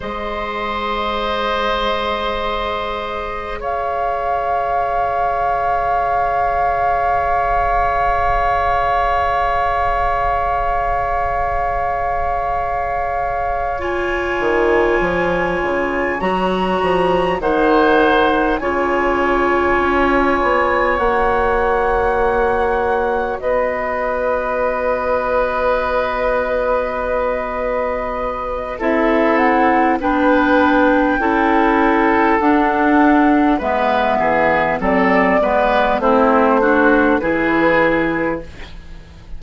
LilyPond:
<<
  \new Staff \with { instrumentName = "flute" } { \time 4/4 \tempo 4 = 50 dis''2. f''4~ | f''1~ | f''2.~ f''8 gis''8~ | gis''4. ais''4 fis''4 gis''8~ |
gis''4. fis''2 dis''8~ | dis''1 | e''8 fis''8 g''2 fis''4 | e''4 d''4 c''4 b'4 | }
  \new Staff \with { instrumentName = "oboe" } { \time 4/4 c''2. cis''4~ | cis''1~ | cis''1~ | cis''2~ cis''8 c''4 cis''8~ |
cis''2.~ cis''8 b'8~ | b'1 | a'4 b'4 a'2 | b'8 gis'8 a'8 b'8 e'8 fis'8 gis'4 | }
  \new Staff \with { instrumentName = "clarinet" } { \time 4/4 gis'1~ | gis'1~ | gis'2.~ gis'8 f'8~ | f'4. fis'4 dis'4 f'8~ |
f'4. fis'2~ fis'8~ | fis'1 | e'4 d'4 e'4 d'4 | b4 c'8 b8 c'8 d'8 e'4 | }
  \new Staff \with { instrumentName = "bassoon" } { \time 4/4 gis2. cis4~ | cis1~ | cis1 | dis8 f8 cis8 fis8 f8 dis4 cis8~ |
cis8 cis'8 b8 ais2 b8~ | b1 | c'4 b4 cis'4 d'4 | gis8 e8 fis8 gis8 a4 e4 | }
>>